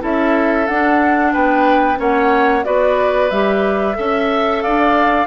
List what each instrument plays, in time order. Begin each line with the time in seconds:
0.00 bassoon C#4, clarinet E4, oboe A4, flute E5
0.67 bassoon D4, clarinet D4, flute F#5
1.33 bassoon B3, oboe B4, flute G5
1.96 bassoon A#3, clarinet C#4, oboe C#5, flute F#5
2.63 bassoon B3, clarinet F#4, oboe B4, flute D5
3.30 bassoon G3, clarinet G4, flute E5
3.94 bassoon C#4, clarinet A4, oboe E5
4.62 bassoon D4, oboe D5, flute F5